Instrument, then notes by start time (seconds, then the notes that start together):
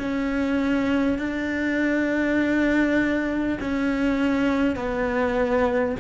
cello
0.00 C#4
1.19 D4
3.61 C#4
4.76 B3